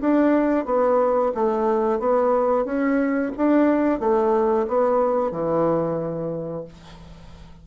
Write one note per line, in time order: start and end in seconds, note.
0.00 0.65 D4
0.65 1.32 B3
1.35 1.99 A3
1.99 2.65 B3
2.65 3.31 C#4
3.36 3.99 D4
3.99 4.66 A3
4.68 5.31 B3
5.31 6.64 E3